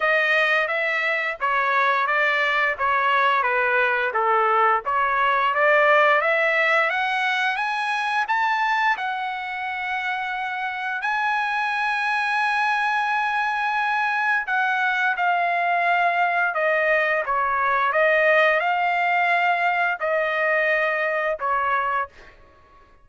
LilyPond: \new Staff \with { instrumentName = "trumpet" } { \time 4/4 \tempo 4 = 87 dis''4 e''4 cis''4 d''4 | cis''4 b'4 a'4 cis''4 | d''4 e''4 fis''4 gis''4 | a''4 fis''2. |
gis''1~ | gis''4 fis''4 f''2 | dis''4 cis''4 dis''4 f''4~ | f''4 dis''2 cis''4 | }